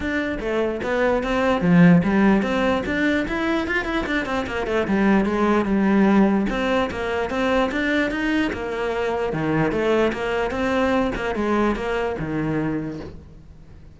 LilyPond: \new Staff \with { instrumentName = "cello" } { \time 4/4 \tempo 4 = 148 d'4 a4 b4 c'4 | f4 g4 c'4 d'4 | e'4 f'8 e'8 d'8 c'8 ais8 a8 | g4 gis4 g2 |
c'4 ais4 c'4 d'4 | dis'4 ais2 dis4 | a4 ais4 c'4. ais8 | gis4 ais4 dis2 | }